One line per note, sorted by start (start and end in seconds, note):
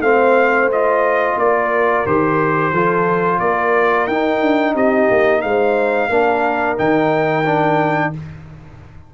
0.00 1.35 A3
0.00 0.71 C4
0.00 1.39 C5
0.00 0.70 F5
0.72 2.06 F4
0.72 1.39 D#5
1.37 2.04 A#3
1.37 2.72 A#4
1.37 2.06 D5
2.06 2.72 D#3
2.06 2.74 G4
2.06 3.40 C5
2.72 3.40 F3
2.72 4.10 F4
2.72 3.39 A4
3.40 4.08 A#3
3.40 4.74 A#4
3.40 4.07 D5
4.07 4.41 D#4
4.07 6.11 D#4
4.07 4.74 G5
4.42 4.75 D4
4.74 5.09 C4
4.74 5.42 G4
4.74 5.41 D#5
5.11 5.44 A#3
5.41 6.10 G#3
5.41 6.09 C5
5.41 6.76 F5
6.09 6.77 A#3
6.09 6.77 D4
6.09 8.11 A#4
6.77 8.14 D#3
6.77 7.45 D#4
6.77 8.13 G5
7.46 8.13 D4